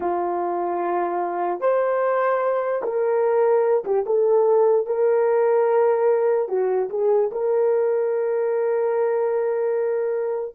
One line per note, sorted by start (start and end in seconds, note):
0.00 1.60 F4
1.60 2.82 C5
2.83 3.84 A#4
3.84 4.05 G4
4.06 4.86 A4
4.86 6.48 A#4
6.48 6.89 F#4
6.89 7.30 G#4
7.31 10.55 A#4